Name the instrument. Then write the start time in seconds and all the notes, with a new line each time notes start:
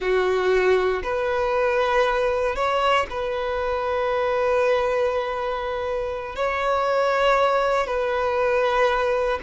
violin
0.00 F#4
1.03 B4
2.55 C#5
3.10 B4
6.36 C#5
7.86 B4